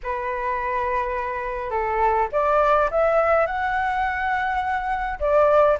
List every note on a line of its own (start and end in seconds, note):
0.03 1.70 B4
1.70 2.28 A4
2.32 2.90 D5
2.91 3.46 E5
3.46 5.19 F#5
5.19 5.77 D5